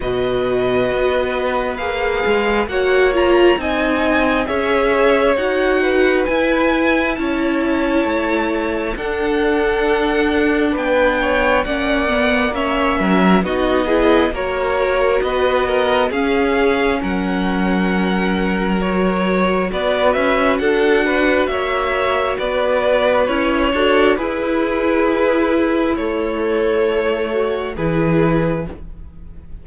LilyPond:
<<
  \new Staff \with { instrumentName = "violin" } { \time 4/4 \tempo 4 = 67 dis''2 f''4 fis''8 ais''8 | gis''4 e''4 fis''4 gis''4 | a''2 fis''2 | g''4 fis''4 e''4 dis''4 |
cis''4 dis''4 f''4 fis''4~ | fis''4 cis''4 d''8 e''8 fis''4 | e''4 d''4 cis''4 b'4~ | b'4 cis''2 b'4 | }
  \new Staff \with { instrumentName = "violin" } { \time 4/4 b'2. cis''4 | dis''4 cis''4. b'4. | cis''2 a'2 | b'8 cis''8 d''4 cis''8 ais'8 fis'8 gis'8 |
ais'4 b'8 ais'8 gis'4 ais'4~ | ais'2 b'4 a'8 b'8 | cis''4 b'4. a'8 e'4~ | e'2~ e'8 fis'8 gis'4 | }
  \new Staff \with { instrumentName = "viola" } { \time 4/4 fis'2 gis'4 fis'8 f'8 | dis'4 gis'4 fis'4 e'4~ | e'2 d'2~ | d'4 cis'8 b8 cis'4 dis'8 e'8 |
fis'2 cis'2~ | cis'4 fis'2.~ | fis'2 e'8 fis'8 gis'4~ | gis'4 a'2 e'4 | }
  \new Staff \with { instrumentName = "cello" } { \time 4/4 b,4 b4 ais8 gis8 ais4 | c'4 cis'4 dis'4 e'4 | cis'4 a4 d'2 | b4 ais4. fis8 b4 |
ais4 b4 cis'4 fis4~ | fis2 b8 cis'8 d'4 | ais4 b4 cis'8 d'8 e'4~ | e'4 a2 e4 | }
>>